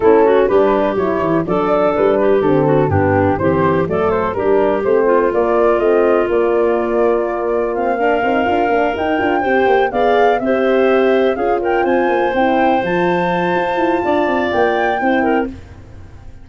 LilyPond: <<
  \new Staff \with { instrumentName = "flute" } { \time 4/4 \tempo 4 = 124 a'4 b'4 cis''4 d''4 | b'4 a'4 g'4 c''4 | d''8 c''8 ais'4 c''4 d''4 | dis''4 d''2. |
f''2~ f''8 g''4.~ | g''8 f''4 e''2 f''8 | g''8 gis''4 g''4 a''4.~ | a''2 g''2 | }
  \new Staff \with { instrumentName = "clarinet" } { \time 4/4 e'8 fis'8 g'2 a'4~ | a'8 g'4 fis'8 d'4 g'4 | a'4 g'4. f'4.~ | f'1~ |
f'8 ais'2. c''8~ | c''8 d''4 c''2 gis'8 | ais'8 c''2.~ c''8~ | c''4 d''2 c''8 ais'8 | }
  \new Staff \with { instrumentName = "horn" } { \time 4/4 cis'4 d'4 e'4 d'4~ | d'4 c'4 b4 c'4 | a4 d'4 c'4 ais4 | c'4 ais2. |
c'8 d'8 dis'8 f'8 d'8 dis'8 f'8 g'8~ | g'8 gis'4 g'2 f'8~ | f'4. e'4 f'4.~ | f'2. e'4 | }
  \new Staff \with { instrumentName = "tuba" } { \time 4/4 a4 g4 fis8 e8 fis4 | g4 d4 g,4 e4 | fis4 g4 a4 ais4 | a4 ais2.~ |
ais4 c'8 d'8 ais8 dis'8 d'8 c'8 | ais8 b4 c'2 cis'8~ | cis'8 c'8 ais8 c'4 f4. | f'8 e'8 d'8 c'8 ais4 c'4 | }
>>